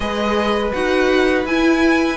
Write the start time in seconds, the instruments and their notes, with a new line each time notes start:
0.00 cello G#3, viola G#4, violin B4 D#5
0.73 cello D#4, viola F#4, violin F#5
1.45 cello E4, viola E4, violin G#5